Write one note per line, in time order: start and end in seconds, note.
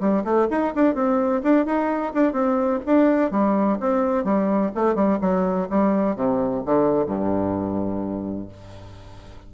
0.00 0.24 G3
0.24 0.47 A3
0.50 0.74 D#4
0.75 0.94 D4
0.94 1.42 C4
1.43 1.66 D4
1.66 2.13 D#4
2.13 2.32 D4
2.32 2.80 C4
2.86 3.31 D4
3.31 3.78 G3
3.80 4.24 C4
4.24 4.71 G3
4.75 4.95 A3
4.95 5.18 G3
5.21 5.68 F#3
5.70 6.16 G3
6.16 6.63 C3
6.65 7.06 D3
7.06 8.48 G2